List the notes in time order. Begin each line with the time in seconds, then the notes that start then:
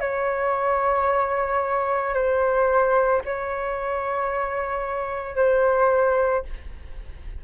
0.00 C#5
2.14 C5
3.25 C#5
5.36 C5